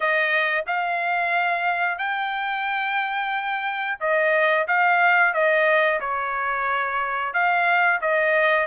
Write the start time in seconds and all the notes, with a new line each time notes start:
0.00 D#5
0.66 F5
1.98 G5
4.00 D#5
4.67 F5
5.33 D#5
6.00 C#5
7.33 F5
8.01 D#5